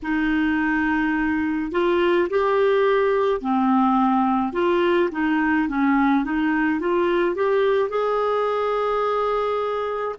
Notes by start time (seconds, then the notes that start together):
0.02 D#4
1.71 F4
2.29 G4
3.40 C4
4.53 F4
5.11 D#4
5.68 C#4
6.24 D#4
6.80 F4
7.35 G4
7.89 G#4